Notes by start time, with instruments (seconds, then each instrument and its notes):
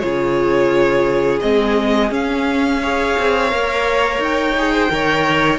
0.00 cello C#3, viola F4, violin G#4 C#5
1.41 cello G#3, viola C4, violin D#5
2.10 viola C#4, cello C#4, violin F5
2.82 viola G#4, violin C#5
3.19 cello C4
3.49 cello A#3, viola A#4
4.19 cello D#4, violin G5
4.58 viola G#4
4.74 violin C5
4.91 cello D#3, viola A#4, violin C#5